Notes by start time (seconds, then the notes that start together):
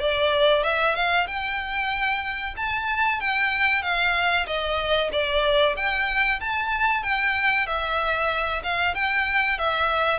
0.00 D5
0.64 E5
0.95 F5
1.27 G5
2.57 A5
3.20 G5
3.82 F5
4.47 D#5
5.12 D5
5.76 G5
6.40 A5
7.03 G5
7.67 E5
8.63 F5
8.95 G5
9.58 E5